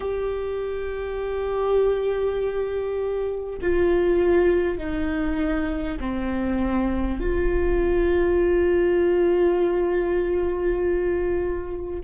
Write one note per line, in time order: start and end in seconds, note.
0.00 3.58 G4
3.61 4.78 F4
4.78 5.98 D#4
5.99 7.19 C4
7.20 12.00 F4